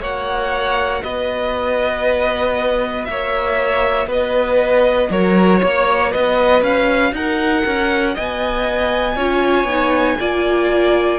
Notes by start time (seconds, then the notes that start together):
0.00 A#3 F#4 C#5 F#5
1.03 B3 B4 D#5
3.05 A#3 C#5 E5
4.06 B3 B4 D#5
5.10 F#3 A#4 C#5
5.59 A#3 C#5
6.10 B3 B4 D#5
6.61 C#4 F5
7.12 D#4 A#4 F#5
7.66 C#4
8.14 B3 D#5 G#5
9.15 C#4 F4 C#5
9.64 B3 D#4
10.19 A#3 F4 D5